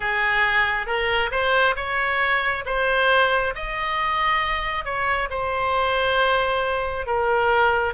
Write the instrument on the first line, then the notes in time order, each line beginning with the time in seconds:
oboe
0.00 G#4
0.86 A#4
1.31 C5
1.76 C#5
2.65 C5
3.55 D#5
4.84 C#5
5.29 C5
7.06 A#4